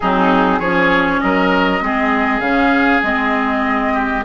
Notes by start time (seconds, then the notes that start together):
0.00 F#3 C4 D#4 G#4
0.59 F3 C#4 G#4 C#5
1.21 F#3 A#4 D#5
1.81 G#3 C4 G#4
2.39 C#3 C#4 F5
3.03 G#3 C4 D#5
3.93 G4